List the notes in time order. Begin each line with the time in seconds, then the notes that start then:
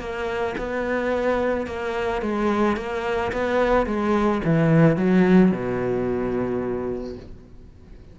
0.00 A#3
0.58 B3
1.67 A#3
2.22 G#3
2.77 A#3
3.32 B3
3.87 G#3
4.45 E3
4.97 F#3
5.52 B2